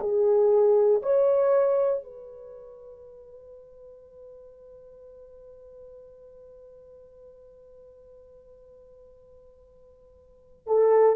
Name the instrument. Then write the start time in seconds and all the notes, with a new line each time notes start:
horn
0.00 G#4
1.03 C#5
2.03 B4
10.67 A4